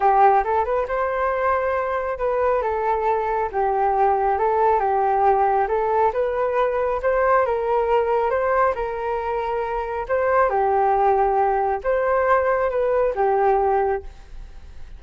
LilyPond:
\new Staff \with { instrumentName = "flute" } { \time 4/4 \tempo 4 = 137 g'4 a'8 b'8 c''2~ | c''4 b'4 a'2 | g'2 a'4 g'4~ | g'4 a'4 b'2 |
c''4 ais'2 c''4 | ais'2. c''4 | g'2. c''4~ | c''4 b'4 g'2 | }